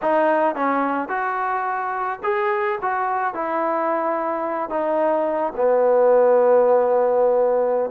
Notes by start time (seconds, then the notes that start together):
0.02 D#4
0.55 C#4
1.08 F#4
2.23 G#4
2.81 F#4
3.34 E4
4.69 D#4
5.56 B3